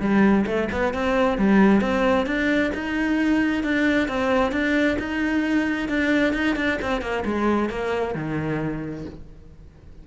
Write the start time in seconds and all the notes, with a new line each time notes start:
0.00 G3
0.46 A3
0.72 B3
0.94 C4
1.38 G3
1.81 C4
2.26 D4
2.74 D#4
3.63 D4
4.08 C4
4.52 D4
4.99 D#4
5.89 D4
6.33 D#4
6.56 D4
6.82 C4
7.01 A#3
7.25 G#3
7.69 A#3
8.14 D#3